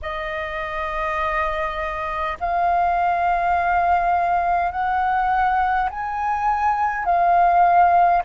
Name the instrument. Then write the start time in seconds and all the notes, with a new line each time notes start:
flute
0.02 D#5
2.40 F5
4.71 F#5
5.89 G#5
7.05 F5